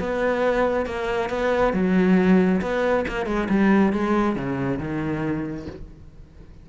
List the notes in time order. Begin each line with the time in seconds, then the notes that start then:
0.00 B3
0.86 A#3
1.30 B3
1.73 F#3
2.62 B3
3.08 A#3
3.26 G#3
3.50 G3
3.93 G#3
4.36 C#3
4.79 D#3